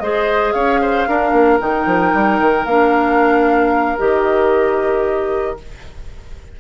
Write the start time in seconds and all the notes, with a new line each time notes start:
0.00 G#3 G#4 C5 D#5
0.53 C#4 C#5 F5
0.82 C5
1.08 D4 A#4
1.33 A#3
1.60 D#3 D#4 G5
1.86 F3
2.14 G3
2.40 D#3
2.65 A#3 D4 F5
3.98 D#3 G4 D#5